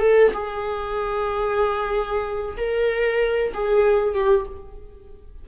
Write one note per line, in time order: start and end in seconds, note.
0.00 0.32 A4
0.33 2.57 G#4
2.57 3.53 A#4
3.54 4.14 G#4
4.14 4.46 G4